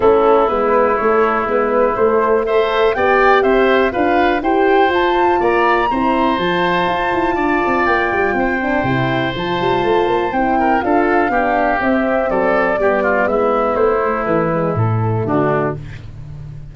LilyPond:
<<
  \new Staff \with { instrumentName = "flute" } { \time 4/4 \tempo 4 = 122 a'4 b'4 cis''4 b'4 | c''4 e''4 g''4 e''4 | f''4 g''4 a''4 ais''4~ | ais''4 a''2. |
g''2. a''4~ | a''4 g''4 f''2 | e''4 d''2 e''4 | c''4 b'4 a'4 fis'4 | }
  \new Staff \with { instrumentName = "oboe" } { \time 4/4 e'1~ | e'4 c''4 d''4 c''4 | b'4 c''2 d''4 | c''2. d''4~ |
d''4 c''2.~ | c''4. ais'8 a'4 g'4~ | g'4 a'4 g'8 f'8 e'4~ | e'2. d'4 | }
  \new Staff \with { instrumentName = "horn" } { \time 4/4 cis'4 b4 a4 b4 | a4 a'4 g'2 | f'4 g'4 f'2 | e'4 f'2.~ |
f'4. d'8 e'4 f'4~ | f'4 e'4 f'4 d'4 | c'2 b2~ | b8 a4 gis8 a2 | }
  \new Staff \with { instrumentName = "tuba" } { \time 4/4 a4 gis4 a4 gis4 | a2 b4 c'4 | d'4 e'4 f'4 ais4 | c'4 f4 f'8 e'8 d'8 c'8 |
ais8 g8 c'4 c4 f8 g8 | a8 ais8 c'4 d'4 b4 | c'4 fis4 g4 gis4 | a4 e4 a,4 d4 | }
>>